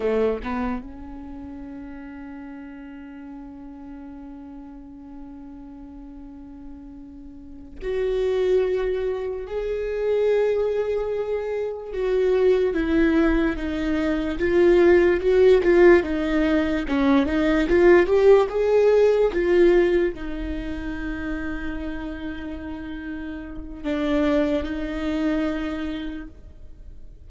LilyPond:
\new Staff \with { instrumentName = "viola" } { \time 4/4 \tempo 4 = 73 a8 b8 cis'2.~ | cis'1~ | cis'4. fis'2 gis'8~ | gis'2~ gis'8 fis'4 e'8~ |
e'8 dis'4 f'4 fis'8 f'8 dis'8~ | dis'8 cis'8 dis'8 f'8 g'8 gis'4 f'8~ | f'8 dis'2.~ dis'8~ | dis'4 d'4 dis'2 | }